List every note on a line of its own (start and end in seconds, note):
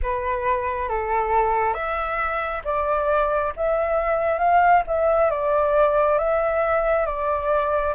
0.02 0.88 B4
0.88 1.74 A4
1.74 2.62 E5
2.64 3.52 D5
3.56 4.38 E5
4.38 4.82 F5
4.87 5.30 E5
5.30 6.18 D5
6.18 7.06 E5
7.06 7.94 D5